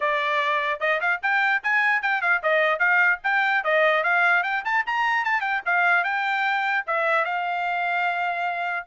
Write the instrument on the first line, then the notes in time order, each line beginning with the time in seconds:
trumpet
0.00 D5
0.80 D#5
1.00 F5
1.22 G5
1.63 G#5
2.01 G5
2.21 F5
2.42 D#5
2.79 F5
3.23 G5
3.64 D#5
4.03 F5
4.43 G5
4.65 A5
4.86 A#5
5.24 A5
5.41 G5
5.65 F5
6.03 G5
6.86 E5
7.24 F5